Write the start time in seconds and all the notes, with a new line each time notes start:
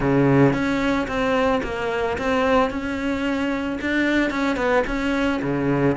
0.00 C#3
0.53 C#4
1.07 C4
1.63 A#3
2.18 C4
2.70 C#4
3.81 D4
4.30 C#4
4.56 B3
4.86 C#4
5.42 C#3